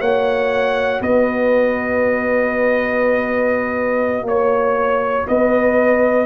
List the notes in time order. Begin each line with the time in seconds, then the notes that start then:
0.00 A#3 F#4 C#5 F#5
1.01 B3 B4 D#5
4.23 A#3 C#5
5.27 B3 B4 D#5